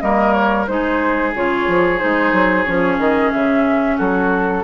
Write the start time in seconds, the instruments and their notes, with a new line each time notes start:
0.00 bassoon G3, clarinet A#3, oboe A#4, flute D#5
0.32 flute C#5
0.67 bassoon G#3, clarinet D#4, oboe G#4, flute C5
1.34 bassoon C#3, clarinet F4, flute C#5
1.67 bassoon F3
1.98 bassoon G#3, clarinet D#4, flute C5
2.32 bassoon F#3
2.64 bassoon F3, clarinet C#4, flute C#5
2.98 bassoon D#3, flute D#5
3.31 bassoon C#3, flute E5
3.96 bassoon F#3, oboe F#4, flute A4